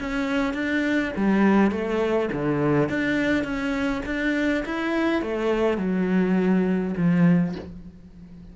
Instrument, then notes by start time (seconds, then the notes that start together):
cello
0.00 C#4
0.53 D4
1.16 G3
1.71 A3
2.32 D3
2.89 D4
3.44 C#4
4.06 D4
4.65 E4
5.22 A3
5.78 F#3
6.97 F3